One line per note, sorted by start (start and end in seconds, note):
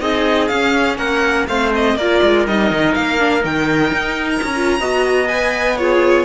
0.00 0.49 C4
0.00 0.49 D#4
0.00 0.98 G#4
0.00 0.48 D#5
0.48 0.98 C#4
0.48 1.48 C#4
0.48 0.97 F5
0.97 1.47 A#3
0.97 1.47 A#4
0.97 1.47 F#5
1.47 1.95 A3
1.47 1.98 C4
1.47 1.98 C5
1.47 1.72 F5
1.75 1.97 D#5
1.95 2.20 A#3
1.95 2.47 F4
1.95 4.80 A#4
1.95 2.46 D5
2.22 2.47 G#3
2.47 2.71 G3
2.47 3.19 D#4
2.47 2.94 D#5
2.71 2.95 D#3
2.94 3.44 A#3
2.94 3.43 F5
3.19 3.40 D4
3.40 3.92 D#3
3.40 4.51 D#4
3.40 4.30 G5
3.92 4.41 D#4
4.30 5.28 A#5
4.43 4.80 C#4
4.56 4.80 F4
4.80 6.25 B3
4.80 5.28 F#4
4.80 5.78 D#5
5.28 5.77 B4
5.28 5.77 G#5
5.77 6.25 F4
5.77 6.25 G#4
5.77 6.25 C#5